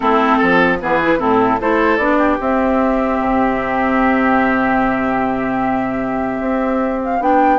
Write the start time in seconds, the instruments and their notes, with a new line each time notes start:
0.00 bassoon A3, clarinet C4, oboe E4, flute A4
0.37 bassoon F3, oboe A4
0.80 bassoon E3, clarinet B3, oboe G#4, flute B4
1.02 clarinet E4
1.18 bassoon A2, clarinet C4, oboe E4, flute A4
1.60 bassoon A3, clarinet E4, oboe A4, flute C5
1.97 bassoon B3, clarinet D4, flute D5
2.18 oboe G4
2.40 bassoon C4, clarinet C4, flute E5
3.19 bassoon C3
6.40 bassoon C4
7.03 flute F5
7.19 bassoon B3, clarinet D4, flute G5